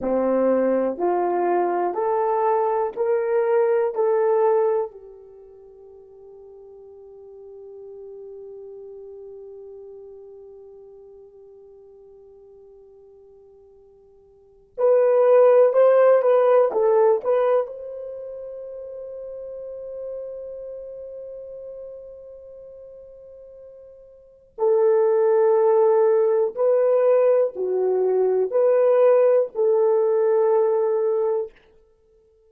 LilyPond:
\new Staff \with { instrumentName = "horn" } { \time 4/4 \tempo 4 = 61 c'4 f'4 a'4 ais'4 | a'4 g'2.~ | g'1~ | g'2. b'4 |
c''8 b'8 a'8 b'8 c''2~ | c''1~ | c''4 a'2 b'4 | fis'4 b'4 a'2 | }